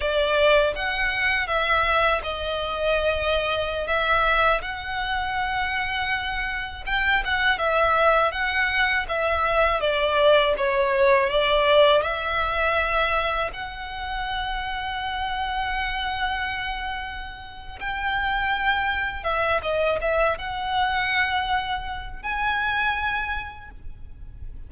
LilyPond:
\new Staff \with { instrumentName = "violin" } { \time 4/4 \tempo 4 = 81 d''4 fis''4 e''4 dis''4~ | dis''4~ dis''16 e''4 fis''4.~ fis''16~ | fis''4~ fis''16 g''8 fis''8 e''4 fis''8.~ | fis''16 e''4 d''4 cis''4 d''8.~ |
d''16 e''2 fis''4.~ fis''16~ | fis''1 | g''2 e''8 dis''8 e''8 fis''8~ | fis''2 gis''2 | }